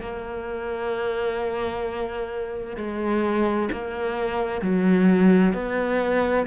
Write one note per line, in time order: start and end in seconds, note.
0.00 2.77 A#3
2.77 3.69 G#3
3.72 4.62 A#3
4.62 5.53 F#3
5.53 6.46 B3